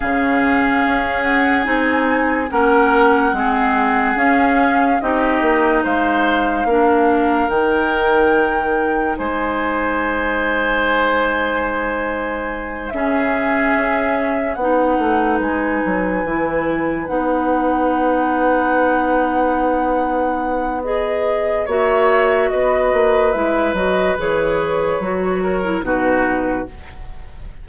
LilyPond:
<<
  \new Staff \with { instrumentName = "flute" } { \time 4/4 \tempo 4 = 72 f''4. fis''8 gis''4 fis''4~ | fis''4 f''4 dis''4 f''4~ | f''4 g''2 gis''4~ | gis''2.~ gis''8 e''8~ |
e''4. fis''4 gis''4.~ | gis''8 fis''2.~ fis''8~ | fis''4 dis''4 e''4 dis''4 | e''8 dis''8 cis''2 b'4 | }
  \new Staff \with { instrumentName = "oboe" } { \time 4/4 gis'2. ais'4 | gis'2 g'4 c''4 | ais'2. c''4~ | c''2.~ c''8 gis'8~ |
gis'4. b'2~ b'8~ | b'1~ | b'2 cis''4 b'4~ | b'2~ b'8 ais'8 fis'4 | }
  \new Staff \with { instrumentName = "clarinet" } { \time 4/4 cis'2 dis'4 cis'4 | c'4 cis'4 dis'2 | d'4 dis'2.~ | dis'2.~ dis'8 cis'8~ |
cis'4. dis'2 e'8~ | e'8 dis'2.~ dis'8~ | dis'4 gis'4 fis'2 | e'8 fis'8 gis'4 fis'8. e'16 dis'4 | }
  \new Staff \with { instrumentName = "bassoon" } { \time 4/4 cis4 cis'4 c'4 ais4 | gis4 cis'4 c'8 ais8 gis4 | ais4 dis2 gis4~ | gis2.~ gis8 cis8~ |
cis8 cis'4 b8 a8 gis8 fis8 e8~ | e8 b2.~ b8~ | b2 ais4 b8 ais8 | gis8 fis8 e4 fis4 b,4 | }
>>